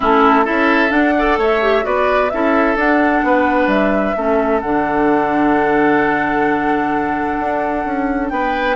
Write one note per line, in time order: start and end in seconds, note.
0.00 0.47 A3
0.00 0.44 C#4
0.00 0.44 E4
0.00 0.46 A4
0.44 0.91 C#4
0.44 0.89 E4
0.44 1.14 A4
0.44 0.91 E5
0.89 1.12 D4
0.89 1.37 D4
0.89 1.37 F#5
1.17 1.61 A4
1.17 1.38 D5
1.37 1.83 A3
1.37 1.84 C#5
1.37 1.85 E5
1.61 1.82 G4
1.82 2.31 B3
1.82 2.28 F#4
1.82 2.31 B4
1.82 2.29 D5
2.29 2.75 C#4
2.29 2.76 E4
2.29 3.26 A4
2.29 2.75 E5
2.75 3.21 D4
2.75 4.15 D4
2.75 3.68 F#5
3.23 3.67 B3
3.23 4.16 B4
3.67 4.13 G3
3.67 4.60 E5
4.16 4.62 A3
4.16 4.62 C#4
4.16 8.32 A4
4.60 7.39 D3
4.60 8.75 D4
4.60 8.29 F#5
7.39 7.85 D4
7.85 8.30 C#4
8.29 8.75 B3
8.29 8.75 B4
8.29 8.75 G5